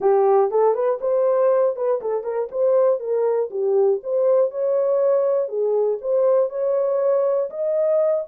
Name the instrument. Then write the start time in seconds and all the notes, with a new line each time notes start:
horn
0.00 G4
0.50 A4
0.74 B4
1.00 C5
1.75 B4
2.01 A4
2.23 A#4
2.51 C5
2.99 A#4
3.50 G4
4.03 C5
4.50 C#5
5.48 G#4
6.01 C5
6.49 C#5
7.50 D#5